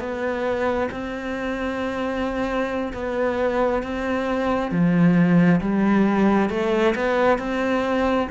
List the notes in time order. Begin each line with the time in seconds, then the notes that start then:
0.00 B3
0.92 C4
2.93 B3
3.83 C4
4.71 F3
5.61 G3
6.50 A3
6.96 B3
7.39 C4